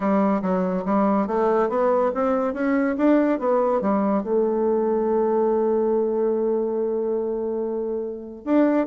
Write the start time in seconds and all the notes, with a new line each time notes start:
0.00 G3
0.41 F#3
0.85 G3
1.27 A3
1.69 B3
2.14 C4
2.53 C#4
2.97 D4
3.39 B3
3.81 G3
4.23 A3
8.44 D4